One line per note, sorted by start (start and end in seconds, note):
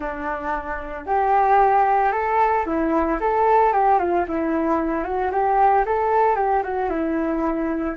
0.00 1.06 D4
1.06 2.11 G4
2.11 2.65 A4
2.65 3.19 E4
3.20 3.72 A4
3.72 3.98 G4
3.98 4.25 F4
4.27 5.04 E4
5.04 5.30 F#4
5.31 5.84 G4
5.86 6.35 A4
6.35 6.62 G4
6.63 6.89 F#4
6.89 7.95 E4